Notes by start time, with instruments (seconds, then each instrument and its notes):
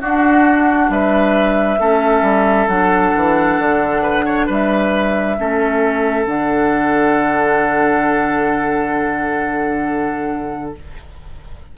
0.00 clarinet D4, bassoon D4, oboe F#4, flute F#5
0.90 bassoon G3, oboe B4, flute E5
1.79 bassoon A3, clarinet C#4, oboe A4
2.22 bassoon G3
2.68 bassoon F#3, clarinet D4, flute F#5
3.16 bassoon E3
3.59 bassoon D3
4.03 oboe B4
4.26 oboe C#5
4.47 bassoon G3, oboe B4
4.53 flute E5
5.38 bassoon A3, clarinet C#4, oboe A4
6.25 bassoon D3, clarinet D4, flute F#5